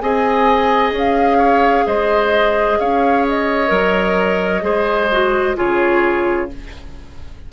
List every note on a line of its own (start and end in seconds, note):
0.00 0.92 C4
0.00 3.68 G#4
0.00 1.38 D#5
0.00 0.92 G#5
0.92 1.84 C#4
0.98 1.88 F5
1.38 1.84 C#5
1.87 2.79 G#3
1.87 2.79 C5
1.87 2.80 D#5
2.80 3.71 C#4
2.80 4.64 C#5
2.80 3.26 F5
3.28 5.58 D#5
3.68 4.63 F#3
3.68 4.61 A#4
4.62 5.55 G#3
4.62 5.08 G#4
4.62 5.57 C5
5.12 5.56 F#4
5.56 6.53 C#3
5.56 6.48 F4
5.56 6.50 G#4
5.56 6.50 C#5